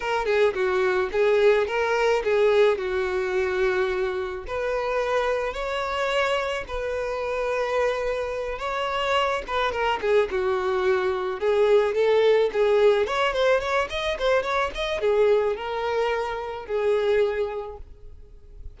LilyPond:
\new Staff \with { instrumentName = "violin" } { \time 4/4 \tempo 4 = 108 ais'8 gis'8 fis'4 gis'4 ais'4 | gis'4 fis'2. | b'2 cis''2 | b'2.~ b'8 cis''8~ |
cis''4 b'8 ais'8 gis'8 fis'4.~ | fis'8 gis'4 a'4 gis'4 cis''8 | c''8 cis''8 dis''8 c''8 cis''8 dis''8 gis'4 | ais'2 gis'2 | }